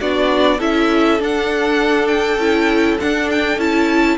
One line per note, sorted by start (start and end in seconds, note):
0.00 0.60 B3
0.00 0.60 D4
0.00 0.58 F#4
0.00 0.60 D5
0.58 1.20 C#4
0.58 1.19 E4
0.58 4.17 A4
0.58 1.21 E5
1.19 2.39 D4
1.19 2.37 D4
1.19 2.08 F#5
2.08 2.98 G5
2.37 2.97 C#4
2.37 2.99 E4
3.00 3.58 D4
3.00 3.30 F#5
3.31 3.60 G5
3.58 4.17 C#4
3.58 4.17 E4
3.58 4.17 A5